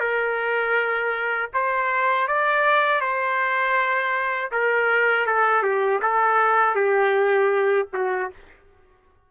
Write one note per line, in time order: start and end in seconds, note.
0.00 1.50 A#4
1.53 2.27 C5
2.27 3.01 D5
3.01 4.51 C5
4.51 5.26 A#4
5.26 5.63 A4
5.63 6.00 G4
6.02 6.75 A4
6.75 7.88 G4
7.93 8.30 F#4